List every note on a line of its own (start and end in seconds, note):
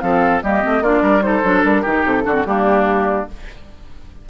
0.00 0.43 F3
0.00 0.42 C4
0.00 0.43 A4
0.00 0.41 F5
0.43 0.63 G3
0.43 0.62 A#3
0.43 0.83 G4
0.43 0.84 D#5
0.62 0.81 A3
0.62 0.82 C4
0.81 1.01 A#3
0.81 1.21 D4
0.81 1.02 F4
0.81 1.22 D5
1.02 1.42 G3
1.02 1.23 A#4
1.21 1.42 D#4
1.21 1.82 A4
1.21 1.63 C5
1.44 1.64 F#3
1.44 1.84 D4
1.63 1.84 G3
1.63 2.04 A#4
1.82 2.05 D#3
1.82 2.23 D#4
1.82 2.22 G4
2.05 2.25 C3
2.05 2.46 A4
2.23 2.45 D3
2.23 2.33 D4
2.23 2.46 F#4
2.33 2.43 C4
2.45 3.26 G3
2.45 3.28 A#3
2.45 3.29 D4
2.45 3.27 G4